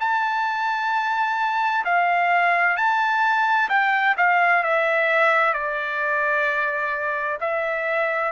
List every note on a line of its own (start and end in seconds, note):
0.00 1.85 A5
1.85 2.77 F5
2.77 3.69 A5
3.69 4.15 G5
4.17 4.63 F5
4.63 5.54 E5
5.54 7.38 D5
7.40 8.32 E5